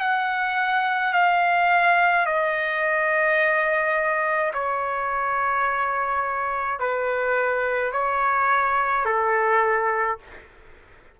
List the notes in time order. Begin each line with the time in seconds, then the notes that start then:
0.00 F#5
1.13 F5
2.26 D#5
4.53 C#5
6.79 B4
7.92 C#5
9.05 A4